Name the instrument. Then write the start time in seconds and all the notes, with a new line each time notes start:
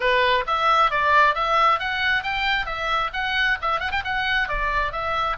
oboe
0.00 B4
0.46 E5
0.90 D5
1.35 E5
1.79 F#5
2.23 G5
2.65 E5
3.13 F#5
3.61 E5
3.79 F#5
3.91 G5
4.04 F#5
4.48 D5
4.92 E5